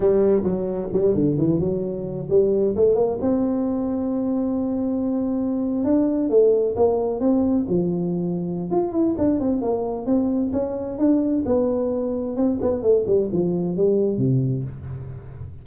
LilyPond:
\new Staff \with { instrumentName = "tuba" } { \time 4/4 \tempo 4 = 131 g4 fis4 g8 d8 e8 fis8~ | fis4 g4 a8 ais8 c'4~ | c'1~ | c'8. d'4 a4 ais4 c'16~ |
c'8. f2~ f16 f'8 e'8 | d'8 c'8 ais4 c'4 cis'4 | d'4 b2 c'8 b8 | a8 g8 f4 g4 c4 | }